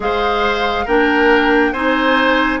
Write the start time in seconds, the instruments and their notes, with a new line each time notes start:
0.00 bassoon G#3, clarinet G#4, oboe C5, flute F5
0.85 bassoon A#3, clarinet D4, oboe A#4, flute G5
1.72 bassoon C4, clarinet D#4, oboe C5, flute G#5